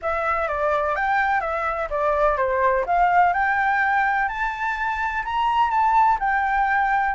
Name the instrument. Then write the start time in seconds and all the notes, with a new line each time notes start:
flute
0.02 E5
0.48 D5
0.95 G5
1.40 E5
1.89 D5
2.37 C5
2.86 F5
3.33 G5
4.28 A5
5.24 A#5
5.70 A5
6.19 G5